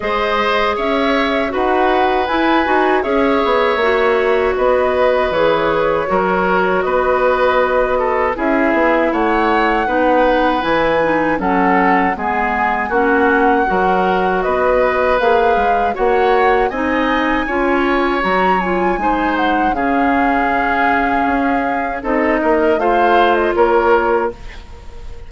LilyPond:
<<
  \new Staff \with { instrumentName = "flute" } { \time 4/4 \tempo 4 = 79 dis''4 e''4 fis''4 gis''4 | e''2 dis''4 cis''4~ | cis''4 dis''2 e''4 | fis''2 gis''4 fis''4 |
gis''4 fis''2 dis''4 | f''4 fis''4 gis''2 | ais''8 gis''4 fis''8 f''2~ | f''4 dis''4 f''8. dis''16 cis''4 | }
  \new Staff \with { instrumentName = "oboe" } { \time 4/4 c''4 cis''4 b'2 | cis''2 b'2 | ais'4 b'4. a'8 gis'4 | cis''4 b'2 a'4 |
gis'4 fis'4 ais'4 b'4~ | b'4 cis''4 dis''4 cis''4~ | cis''4 c''4 gis'2~ | gis'4 a'8 ais'8 c''4 ais'4 | }
  \new Staff \with { instrumentName = "clarinet" } { \time 4/4 gis'2 fis'4 e'8 fis'8 | gis'4 fis'2 gis'4 | fis'2. e'4~ | e'4 dis'4 e'8 dis'8 cis'4 |
b4 cis'4 fis'2 | gis'4 fis'4 dis'4 f'4 | fis'8 f'8 dis'4 cis'2~ | cis'4 dis'4 f'2 | }
  \new Staff \with { instrumentName = "bassoon" } { \time 4/4 gis4 cis'4 dis'4 e'8 dis'8 | cis'8 b8 ais4 b4 e4 | fis4 b2 cis'8 b8 | a4 b4 e4 fis4 |
gis4 ais4 fis4 b4 | ais8 gis8 ais4 c'4 cis'4 | fis4 gis4 cis2 | cis'4 c'8 ais8 a4 ais4 | }
>>